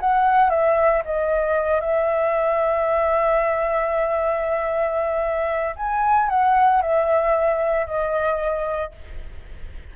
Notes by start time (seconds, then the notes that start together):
0.00 F#5
0.50 E5
1.05 D#5
1.80 E5
5.76 G#5
6.29 F#5
6.82 E5
7.87 D#5